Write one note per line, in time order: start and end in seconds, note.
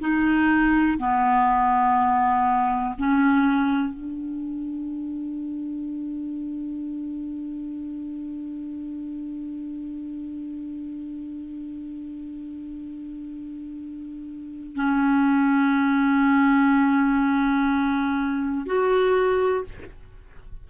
0.00 0.98 D#4
0.98 2.95 B3
2.98 3.94 C#4
3.94 14.76 D4
14.76 18.66 C#4
18.66 19.65 F#4